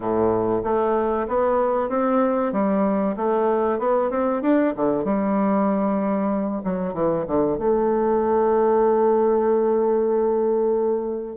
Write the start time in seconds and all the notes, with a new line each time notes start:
0.00 A2
0.63 A3
1.27 B3
1.89 C4
2.52 G3
3.16 A3
3.79 B3
4.10 C4
4.42 D4
4.75 D3
5.04 G3
6.63 F#3
6.93 E3
7.27 D3
7.58 A3